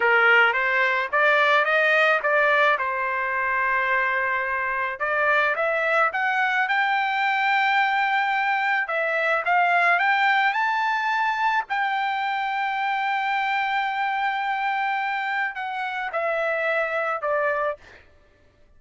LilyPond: \new Staff \with { instrumentName = "trumpet" } { \time 4/4 \tempo 4 = 108 ais'4 c''4 d''4 dis''4 | d''4 c''2.~ | c''4 d''4 e''4 fis''4 | g''1 |
e''4 f''4 g''4 a''4~ | a''4 g''2.~ | g''1 | fis''4 e''2 d''4 | }